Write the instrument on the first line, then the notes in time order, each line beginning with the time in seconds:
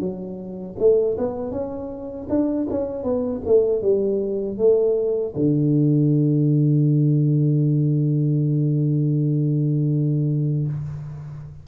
tuba
0.00 F#3
0.79 A3
1.18 B3
1.52 C#4
2.30 D4
2.70 C#4
3.04 B3
3.46 A3
3.82 G3
4.58 A3
5.36 D3